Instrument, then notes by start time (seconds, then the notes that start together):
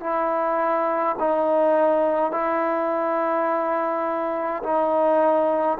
trombone
0.00 E4
1.19 D#4
2.32 E4
4.63 D#4